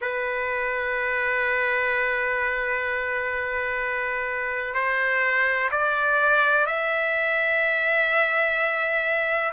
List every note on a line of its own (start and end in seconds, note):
0.01 4.74 B4
4.74 5.69 C5
5.71 6.66 D5
6.66 9.52 E5